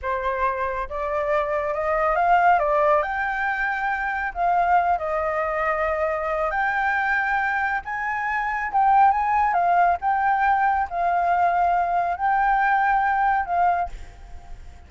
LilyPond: \new Staff \with { instrumentName = "flute" } { \time 4/4 \tempo 4 = 138 c''2 d''2 | dis''4 f''4 d''4 g''4~ | g''2 f''4. dis''8~ | dis''2. g''4~ |
g''2 gis''2 | g''4 gis''4 f''4 g''4~ | g''4 f''2. | g''2. f''4 | }